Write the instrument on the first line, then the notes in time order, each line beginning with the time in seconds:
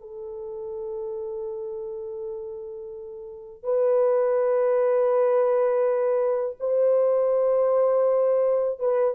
horn
0.00 A4
3.63 B4
6.60 C5
8.79 B4